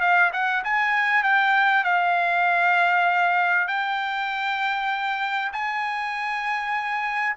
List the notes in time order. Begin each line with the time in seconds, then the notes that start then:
0.00 F5
0.32 F#5
0.64 G#5
1.23 G5
1.83 F5
3.67 G5
5.52 G#5